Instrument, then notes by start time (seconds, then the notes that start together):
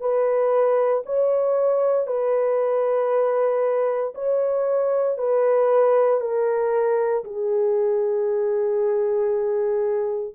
horn
0.00 B4
1.06 C#5
2.07 B4
4.15 C#5
5.18 B4
6.21 A#4
7.24 G#4